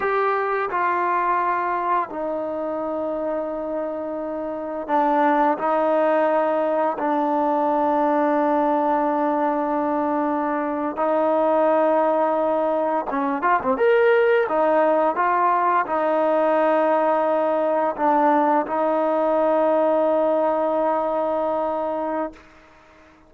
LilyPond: \new Staff \with { instrumentName = "trombone" } { \time 4/4 \tempo 4 = 86 g'4 f'2 dis'4~ | dis'2. d'4 | dis'2 d'2~ | d'2.~ d'8. dis'16~ |
dis'2~ dis'8. cis'8 f'16 c'16 ais'16~ | ais'8. dis'4 f'4 dis'4~ dis'16~ | dis'4.~ dis'16 d'4 dis'4~ dis'16~ | dis'1 | }